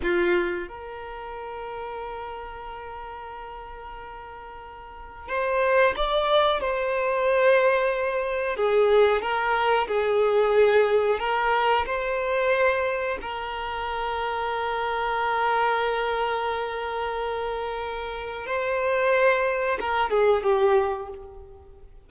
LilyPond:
\new Staff \with { instrumentName = "violin" } { \time 4/4 \tempo 4 = 91 f'4 ais'2.~ | ais'1 | c''4 d''4 c''2~ | c''4 gis'4 ais'4 gis'4~ |
gis'4 ais'4 c''2 | ais'1~ | ais'1 | c''2 ais'8 gis'8 g'4 | }